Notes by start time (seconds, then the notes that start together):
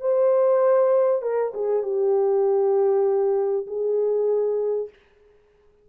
0.00 C5
1.22 A#4
1.54 G#4
1.83 G4
3.66 G#4